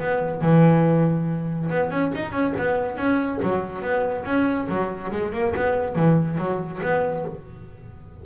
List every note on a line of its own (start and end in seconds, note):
0.00 0.42 B3
0.42 1.69 E3
1.70 1.91 B3
1.91 2.12 C#4
2.15 2.32 D#4
2.32 2.53 C#4
2.58 2.97 B3
2.97 3.40 C#4
3.43 3.82 F#3
3.82 4.25 B3
4.26 4.68 C#4
4.69 5.11 F#3
5.12 5.33 G#3
5.33 5.54 A#3
5.56 5.96 B3
5.96 6.38 E3
6.38 6.81 F#3
6.83 7.26 B3